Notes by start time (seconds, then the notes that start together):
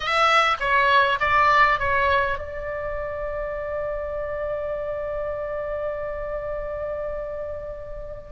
0.00 E5
0.59 C#5
1.19 D5
1.79 C#5
2.38 D5